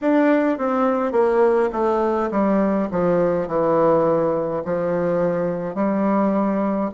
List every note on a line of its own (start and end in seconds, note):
0.01 0.58 D4
0.58 1.12 C4
1.12 1.69 A#3
1.72 2.30 A3
2.31 2.88 G3
2.91 3.47 F3
3.47 4.63 E3
4.65 5.74 F3
5.74 6.90 G3